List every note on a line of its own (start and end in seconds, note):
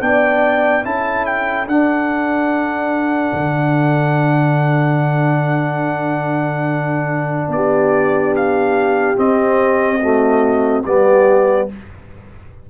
0.00 0.84 B3
0.00 0.83 D4
0.00 0.86 D5
0.00 0.84 G5
0.83 1.65 C#4
0.83 1.66 E4
0.83 7.53 A4
0.83 1.25 A5
1.25 1.67 G5
1.65 3.32 D4
1.65 9.16 D4
1.65 7.51 F#5
3.33 7.48 D3
7.48 9.14 B3
7.48 8.35 D5
7.55 10.02 G4
8.35 9.18 F5
9.16 9.99 C4
9.16 10.84 C4
9.16 10.85 D#5
10.00 10.83 A3
10.00 10.85 F#4
10.85 11.69 G3
10.85 11.69 B3
10.85 11.70 G4
10.85 11.68 D5